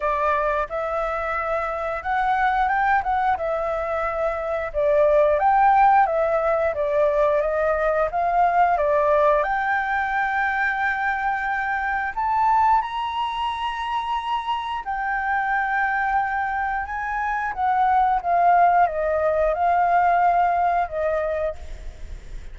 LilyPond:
\new Staff \with { instrumentName = "flute" } { \time 4/4 \tempo 4 = 89 d''4 e''2 fis''4 | g''8 fis''8 e''2 d''4 | g''4 e''4 d''4 dis''4 | f''4 d''4 g''2~ |
g''2 a''4 ais''4~ | ais''2 g''2~ | g''4 gis''4 fis''4 f''4 | dis''4 f''2 dis''4 | }